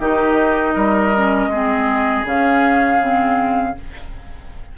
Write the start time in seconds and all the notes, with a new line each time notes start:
0.00 D#3 D#4 G4 D#5
0.75 G3 A#4
1.16 C#4
1.48 G#3 C4 G#4
2.25 C#3 C#4 F5
3.00 C4